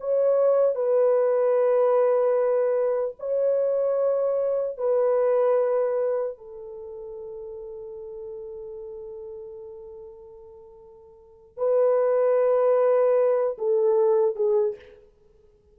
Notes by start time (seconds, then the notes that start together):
0.00 C#5
0.75 B4
3.19 C#5
4.77 B4
6.37 A4
11.57 B4
13.58 A4
14.36 G#4